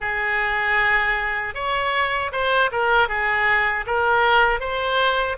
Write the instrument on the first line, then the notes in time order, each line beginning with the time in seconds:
oboe
0.00 G#4
1.54 C#5
2.31 C5
2.71 A#4
3.08 G#4
3.86 A#4
4.59 C5